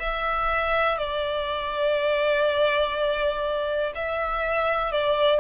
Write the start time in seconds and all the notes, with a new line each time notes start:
0.00 E5
0.98 D5
3.95 E5
4.92 D5